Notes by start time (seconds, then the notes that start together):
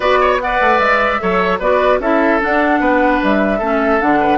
0.00 B3 F#4 B4 D5
0.21 C#5
0.40 B4 D5 F#5
0.60 A3
0.78 G#3 E5
1.19 F#3 A4 C#5
1.59 B3 F#4 B4 D5
1.99 C#4 E4 A4 E5
2.40 D4 F#5
2.80 B3 B4
3.23 G3 E5
3.58 A3 C#4 A4
4.00 D3 D4 F#5
4.20 B4